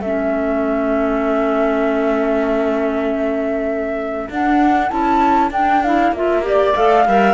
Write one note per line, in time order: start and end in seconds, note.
0.00 4.29 A3
0.00 4.32 C#4
0.00 6.44 A4
0.00 4.29 E5
4.29 4.91 D4
4.29 4.89 D4
4.29 4.89 F#5
4.89 5.50 C#4
4.89 5.50 E4
4.89 5.50 A5
5.50 6.12 D4
5.50 5.82 D4
5.50 5.83 G5
5.83 6.15 E4
5.83 6.14 F5
6.12 6.73 A#3
6.12 6.43 F4
6.12 6.45 E5
6.43 6.73 G4
6.43 7.06 D5
6.43 6.76 D5
6.75 7.07 A3
6.75 7.05 A4
6.75 7.34 F5
7.07 7.34 G3
7.07 7.34 A#4
7.07 7.34 E5